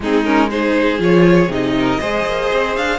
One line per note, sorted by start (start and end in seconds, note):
0.00 0.99 G#3
0.00 0.25 C4
0.00 0.49 D#4
0.00 0.24 G#4
0.24 0.50 C#4
0.24 0.49 A#4
0.49 0.98 D#4
0.49 1.74 G#4
0.49 1.00 C5
0.98 1.48 F3
0.98 1.48 F4
0.98 1.51 C#5
1.48 1.98 C3
1.48 2.00 D#4
1.48 2.76 D#5
1.78 2.00 A#4
2.00 2.26 G#3
2.00 2.98 G#4
2.00 2.98 C5
2.26 2.51 A#3
2.52 2.76 C4
2.76 2.98 D4
2.76 2.98 F5